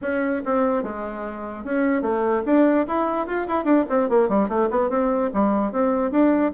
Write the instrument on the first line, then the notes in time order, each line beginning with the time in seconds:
bassoon
0.01 C#4
0.45 C4
0.83 G#3
1.64 C#4
2.01 A3
2.45 D4
2.87 E4
3.26 F4
3.47 E4
3.64 D4
3.89 C4
4.09 A#3
4.28 G3
4.48 A3
4.70 B3
4.89 C4
5.33 G3
5.71 C4
6.11 D4